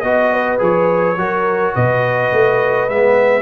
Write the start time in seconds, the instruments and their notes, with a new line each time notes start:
0.00 tuba B3, trombone F#4, trumpet D#5, horn D#5
0.32 horn B4
0.58 tuba F3, trombone G#4, trumpet C#5
1.16 tuba F#3, trombone F#4, horn A#4
1.74 tuba B2, horn B4, trumpet D#5
2.32 tuba A3
2.89 tuba G#3, trombone B3, trumpet E5